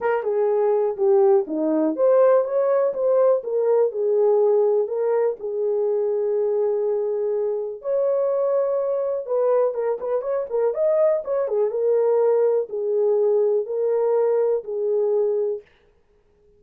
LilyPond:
\new Staff \with { instrumentName = "horn" } { \time 4/4 \tempo 4 = 123 ais'8 gis'4. g'4 dis'4 | c''4 cis''4 c''4 ais'4 | gis'2 ais'4 gis'4~ | gis'1 |
cis''2. b'4 | ais'8 b'8 cis''8 ais'8 dis''4 cis''8 gis'8 | ais'2 gis'2 | ais'2 gis'2 | }